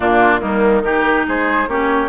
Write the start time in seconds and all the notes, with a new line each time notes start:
0.00 A#2 A#3 D4 F4
0.40 D#3 G3 A#3 D#4
0.83 D#4 G4 A#4
1.27 G#3 G#4 C5
1.67 A#3 C#4 G4 C#5